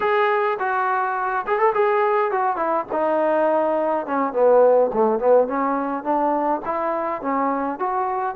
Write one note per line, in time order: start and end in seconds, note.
0.00 0.58 G#4
0.59 1.45 F#4
1.46 1.59 G#4
1.59 1.73 A4
1.74 2.31 G#4
2.31 2.56 F#4
2.56 2.85 E4
2.91 4.06 D#4
4.06 4.33 C#4
4.33 4.90 B3
4.93 5.19 A3
5.19 5.47 B3
5.47 6.03 C#4
6.03 6.61 D4
6.65 7.21 E4
7.21 7.79 C#4
7.79 8.35 F#4